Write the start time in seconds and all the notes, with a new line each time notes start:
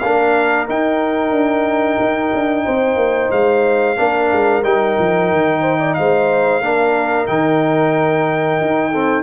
0.00 A#3 D4 A#4 F5
0.68 D#4 G5
1.32 D4
2.00 D#4
2.34 D4
2.66 C4 C5
2.96 A#3
3.31 G#3 F5
3.97 A#3 D4 A#4
4.33 G#3
4.64 G3 D#4 G5
4.99 F3
5.32 D#3
5.61 C5
5.80 D5
5.94 G#3 C5 F5
6.62 A#3 D4 A#4
7.27 D#3 D#4 G5
8.61 D#4
8.92 C4 A4